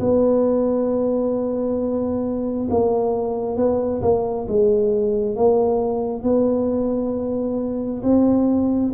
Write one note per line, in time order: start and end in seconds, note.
0.00 2.69 B3
2.70 3.57 A#3
3.57 4.01 B3
4.02 4.47 A#3
4.49 5.36 G#3
5.36 6.23 A#3
6.23 8.02 B3
8.03 8.92 C4